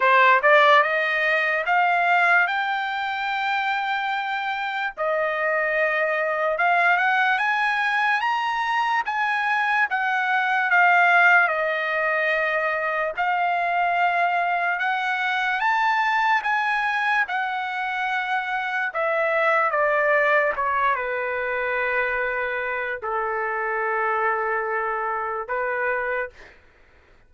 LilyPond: \new Staff \with { instrumentName = "trumpet" } { \time 4/4 \tempo 4 = 73 c''8 d''8 dis''4 f''4 g''4~ | g''2 dis''2 | f''8 fis''8 gis''4 ais''4 gis''4 | fis''4 f''4 dis''2 |
f''2 fis''4 a''4 | gis''4 fis''2 e''4 | d''4 cis''8 b'2~ b'8 | a'2. b'4 | }